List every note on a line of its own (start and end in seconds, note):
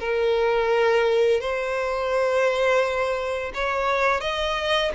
0.00 1.41 A#4
1.41 3.53 C5
3.55 4.21 C#5
4.21 4.92 D#5